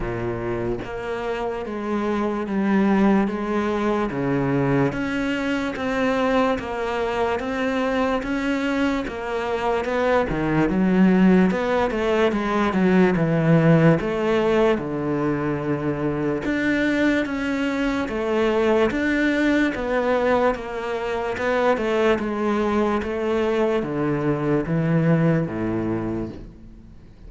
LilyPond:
\new Staff \with { instrumentName = "cello" } { \time 4/4 \tempo 4 = 73 ais,4 ais4 gis4 g4 | gis4 cis4 cis'4 c'4 | ais4 c'4 cis'4 ais4 | b8 dis8 fis4 b8 a8 gis8 fis8 |
e4 a4 d2 | d'4 cis'4 a4 d'4 | b4 ais4 b8 a8 gis4 | a4 d4 e4 a,4 | }